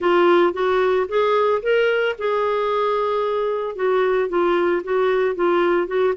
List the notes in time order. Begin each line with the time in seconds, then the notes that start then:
0.00 F4
0.53 F#4
1.08 G#4
1.62 A#4
2.18 G#4
3.75 F#4
4.28 F4
4.83 F#4
5.35 F4
5.87 F#4